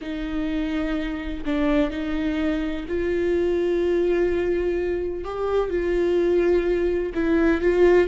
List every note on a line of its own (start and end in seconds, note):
0.01 1.44 D#4
1.45 1.90 D4
1.90 2.85 D#4
2.88 5.24 F4
5.24 5.70 G4
5.70 7.13 F4
7.14 7.61 E4
7.61 8.08 F4